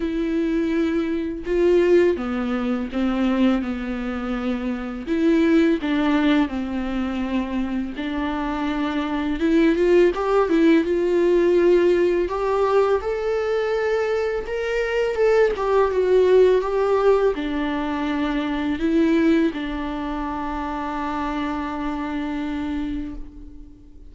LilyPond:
\new Staff \with { instrumentName = "viola" } { \time 4/4 \tempo 4 = 83 e'2 f'4 b4 | c'4 b2 e'4 | d'4 c'2 d'4~ | d'4 e'8 f'8 g'8 e'8 f'4~ |
f'4 g'4 a'2 | ais'4 a'8 g'8 fis'4 g'4 | d'2 e'4 d'4~ | d'1 | }